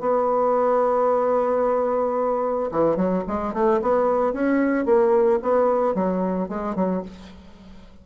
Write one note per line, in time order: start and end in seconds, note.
0.00 2.70 B3
2.71 2.96 E3
2.96 3.23 F#3
3.27 3.53 G#3
3.53 3.80 A3
3.81 4.33 B3
4.33 4.85 C#4
4.85 5.39 A#3
5.42 5.95 B3
5.95 6.49 F#3
6.49 6.75 G#3
6.75 7.02 F#3